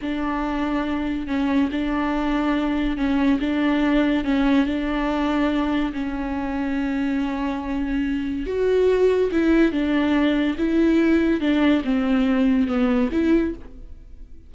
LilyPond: \new Staff \with { instrumentName = "viola" } { \time 4/4 \tempo 4 = 142 d'2. cis'4 | d'2. cis'4 | d'2 cis'4 d'4~ | d'2 cis'2~ |
cis'1 | fis'2 e'4 d'4~ | d'4 e'2 d'4 | c'2 b4 e'4 | }